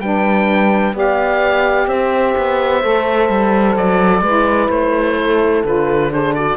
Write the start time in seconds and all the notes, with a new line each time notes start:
0.00 G3 D4 B4 G5
0.94 B3 G4 D5 F5
1.87 C4 C5 E5
2.38 B3
2.83 A3 A4
3.29 G3
3.76 F#3 D5
4.22 G#3 E4 B4
4.70 A3 C5
5.17 A4
5.64 D3 F4 B4
6.10 D4 G#4 C5
6.35 F#4 D5